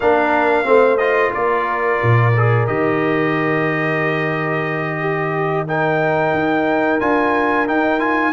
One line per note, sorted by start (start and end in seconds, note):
0.00 0.66 A#3
0.00 0.64 D4
0.00 0.66 A#4
0.00 0.97 F5
0.64 1.33 A3
0.64 0.97 C4
0.64 1.34 C5
0.97 2.32 F4
0.97 1.31 D#5
1.34 2.01 A#3
1.34 4.99 A#4
1.34 2.66 D5
2.02 2.67 A#2
2.36 2.67 G#4
2.66 6.33 D#3
2.66 5.67 G4
2.66 5.66 D#5
4.99 5.66 G4
5.67 7.00 D#4
5.67 8.32 A#4
5.67 7.00 G5
6.33 7.00 D#4
7.00 7.66 D4
7.00 7.66 F4
7.00 7.66 G#5
7.66 7.99 D#4
7.66 8.32 D#4
7.66 7.99 G5
7.99 8.32 F4
7.99 8.32 G#5